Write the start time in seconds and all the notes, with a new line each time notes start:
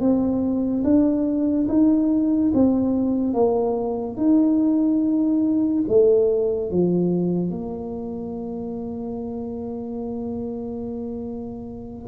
0.00 C4
0.84 D4
1.69 D#4
2.54 C4
3.34 A#3
4.17 D#4
5.88 A3
6.71 F3
7.50 A#3